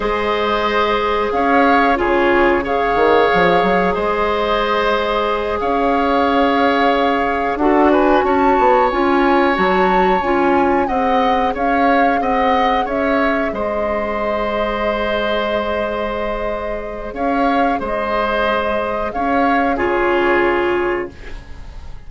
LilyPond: <<
  \new Staff \with { instrumentName = "flute" } { \time 4/4 \tempo 4 = 91 dis''2 f''4 cis''4 | f''2 dis''2~ | dis''8 f''2. fis''8 | gis''8 a''4 gis''4 a''4 gis''8~ |
gis''8 fis''4 f''4 fis''4 e''8~ | e''8 dis''2.~ dis''8~ | dis''2 f''4 dis''4~ | dis''4 f''4 cis''2 | }
  \new Staff \with { instrumentName = "oboe" } { \time 4/4 c''2 cis''4 gis'4 | cis''2 c''2~ | c''8 cis''2. a'8 | b'8 cis''2.~ cis''8~ |
cis''8 dis''4 cis''4 dis''4 cis''8~ | cis''8 c''2.~ c''8~ | c''2 cis''4 c''4~ | c''4 cis''4 gis'2 | }
  \new Staff \with { instrumentName = "clarinet" } { \time 4/4 gis'2. f'4 | gis'1~ | gis'2.~ gis'8 fis'8~ | fis'4. f'4 fis'4 f'8~ |
f'8 gis'2.~ gis'8~ | gis'1~ | gis'1~ | gis'2 f'2 | }
  \new Staff \with { instrumentName = "bassoon" } { \time 4/4 gis2 cis'4 cis4~ | cis8 dis8 f8 fis8 gis2~ | gis8 cis'2. d'8~ | d'8 cis'8 b8 cis'4 fis4 cis'8~ |
cis'8 c'4 cis'4 c'4 cis'8~ | cis'8 gis2.~ gis8~ | gis2 cis'4 gis4~ | gis4 cis'4 cis2 | }
>>